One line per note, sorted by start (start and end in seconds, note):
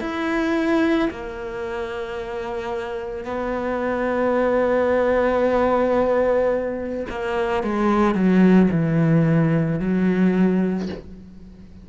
0.00 1.09 E4
1.10 3.24 A#3
3.24 7.06 B3
7.10 7.63 A#3
7.63 8.14 G#3
8.14 8.69 F#3
8.71 9.79 E3
9.79 10.88 F#3